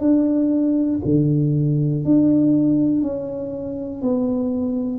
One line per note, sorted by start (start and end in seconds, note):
0.00 1.00 D4
1.05 2.05 D3
2.05 3.02 D4
3.02 4.01 C#4
4.01 4.99 B3